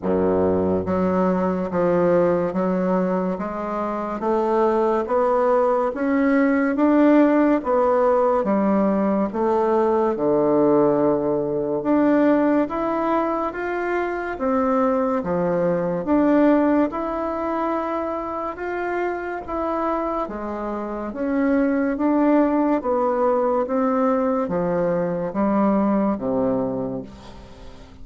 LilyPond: \new Staff \with { instrumentName = "bassoon" } { \time 4/4 \tempo 4 = 71 fis,4 fis4 f4 fis4 | gis4 a4 b4 cis'4 | d'4 b4 g4 a4 | d2 d'4 e'4 |
f'4 c'4 f4 d'4 | e'2 f'4 e'4 | gis4 cis'4 d'4 b4 | c'4 f4 g4 c4 | }